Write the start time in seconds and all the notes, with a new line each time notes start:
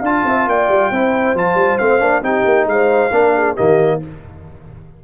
0.00 D4 F5 A5
0.06 F4
0.25 C4 E5
0.47 A#3 D5 G5
0.69 G3
0.91 C4 E4 C5
1.34 F3 F4 A5
1.55 G3
1.78 A3 C4 F5
2.00 A#3 D4
2.22 C4 D#4 G4 G5
2.45 A#3
2.67 G#3 C5 F5
3.12 A#3 D4 A#4
3.35 G#4
3.55 D#3 A#3 G4 D#5